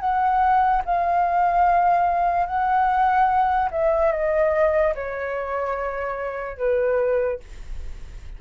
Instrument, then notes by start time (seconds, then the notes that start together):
flute
0.00 F#5
0.85 F5
2.46 F#5
3.71 E5
4.12 D#5
4.95 C#5
6.58 B4